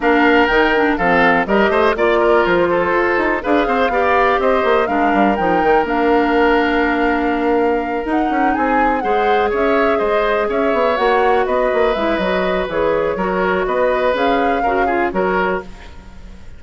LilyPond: <<
  \new Staff \with { instrumentName = "flute" } { \time 4/4 \tempo 4 = 123 f''4 g''4 f''4 dis''4 | d''4 c''2 f''4~ | f''4 dis''4 f''4 g''4 | f''1~ |
f''8 fis''4 gis''4 fis''4 e''8~ | e''8 dis''4 e''4 fis''4 dis''8~ | dis''8 e''8 dis''4 cis''2 | dis''4 f''2 cis''4 | }
  \new Staff \with { instrumentName = "oboe" } { \time 4/4 ais'2 a'4 ais'8 c''8 | d''8 ais'4 a'4. b'8 c''8 | d''4 c''4 ais'2~ | ais'1~ |
ais'4. gis'4 c''4 cis''8~ | cis''8 c''4 cis''2 b'8~ | b'2. ais'4 | b'2 ais'8 gis'8 ais'4 | }
  \new Staff \with { instrumentName = "clarinet" } { \time 4/4 d'4 dis'8 d'8 c'4 g'4 | f'2. gis'4 | g'2 d'4 dis'4 | d'1~ |
d'8 dis'2 gis'4.~ | gis'2~ gis'8 fis'4.~ | fis'8 e'8 fis'4 gis'4 fis'4~ | fis'4 gis'4 fis'8 f'8 fis'4 | }
  \new Staff \with { instrumentName = "bassoon" } { \time 4/4 ais4 dis4 f4 g8 a8 | ais4 f4 f'8 dis'8 d'8 c'8 | b4 c'8 ais8 gis8 g8 f8 dis8 | ais1~ |
ais8 dis'8 cis'8 c'4 gis4 cis'8~ | cis'8 gis4 cis'8 b8 ais4 b8 | ais8 gis8 fis4 e4 fis4 | b4 cis'4 cis4 fis4 | }
>>